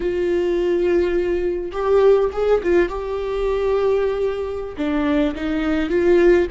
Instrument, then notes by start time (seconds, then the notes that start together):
viola
0.00 F4
1.72 G4
2.32 G#4
2.63 F4
2.88 G4
4.77 D4
5.35 D#4
5.89 F4